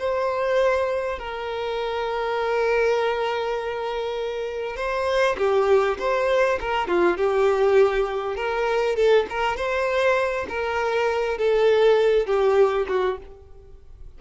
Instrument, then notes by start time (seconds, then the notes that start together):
violin
0.00 C5
1.19 A#4
4.77 C5
5.38 G4
5.99 C5
6.61 A#4
6.88 F4
7.18 G4
8.36 A#4
8.96 A4
9.30 A#4
9.57 C5
10.49 A#4
11.39 A4
12.27 G4
12.89 F#4